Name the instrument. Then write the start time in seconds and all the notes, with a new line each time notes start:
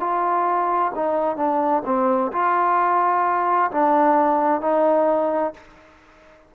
trombone
0.00 F4
0.95 D#4
1.36 D4
1.85 C4
2.32 F4
3.71 D4
4.61 D#4